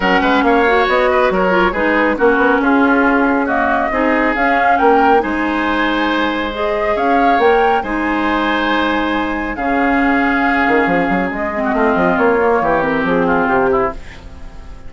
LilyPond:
<<
  \new Staff \with { instrumentName = "flute" } { \time 4/4 \tempo 4 = 138 fis''4 f''4 dis''4 cis''4 | b'4 ais'4 gis'2 | dis''2 f''4 g''4 | gis''2. dis''4 |
f''4 g''4 gis''2~ | gis''2 f''2~ | f''2 dis''2 | cis''4. ais'8 gis'4 g'4 | }
  \new Staff \with { instrumentName = "oboe" } { \time 4/4 ais'8 b'8 cis''4. b'8 ais'4 | gis'4 fis'4 f'2 | fis'4 gis'2 ais'4 | c''1 |
cis''2 c''2~ | c''2 gis'2~ | gis'2~ gis'8. fis'16 f'4~ | f'4 g'4. f'4 e'8 | }
  \new Staff \with { instrumentName = "clarinet" } { \time 4/4 cis'4. fis'2 f'8 | dis'4 cis'2. | ais4 dis'4 cis'2 | dis'2. gis'4~ |
gis'4 ais'4 dis'2~ | dis'2 cis'2~ | cis'2~ cis'8 c'4.~ | c'8 ais4 c'2~ c'8 | }
  \new Staff \with { instrumentName = "bassoon" } { \time 4/4 fis8 gis8 ais4 b4 fis4 | gis4 ais8 b8 cis'2~ | cis'4 c'4 cis'4 ais4 | gis1 |
cis'4 ais4 gis2~ | gis2 cis2~ | cis8 dis8 f8 fis8 gis4 a8 f8 | ais4 e4 f4 c4 | }
>>